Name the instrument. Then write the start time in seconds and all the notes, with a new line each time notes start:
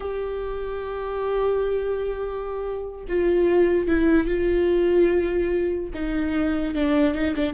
viola
0.00 G4
3.08 F4
3.87 E4
4.27 F4
5.94 D#4
6.75 D4
7.14 D#4
7.35 D4